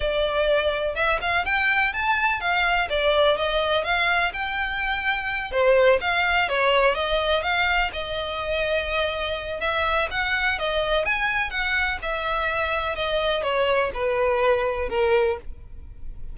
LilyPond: \new Staff \with { instrumentName = "violin" } { \time 4/4 \tempo 4 = 125 d''2 e''8 f''8 g''4 | a''4 f''4 d''4 dis''4 | f''4 g''2~ g''8 c''8~ | c''8 f''4 cis''4 dis''4 f''8~ |
f''8 dis''2.~ dis''8 | e''4 fis''4 dis''4 gis''4 | fis''4 e''2 dis''4 | cis''4 b'2 ais'4 | }